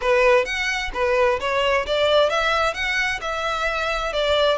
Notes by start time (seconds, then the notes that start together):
0.01 B4
0.45 F#5
0.93 B4
1.40 C#5
1.86 D5
2.29 E5
2.74 F#5
3.21 E5
4.12 D5